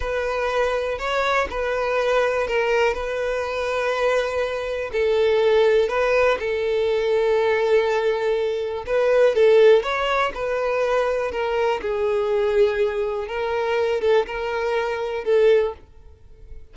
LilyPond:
\new Staff \with { instrumentName = "violin" } { \time 4/4 \tempo 4 = 122 b'2 cis''4 b'4~ | b'4 ais'4 b'2~ | b'2 a'2 | b'4 a'2.~ |
a'2 b'4 a'4 | cis''4 b'2 ais'4 | gis'2. ais'4~ | ais'8 a'8 ais'2 a'4 | }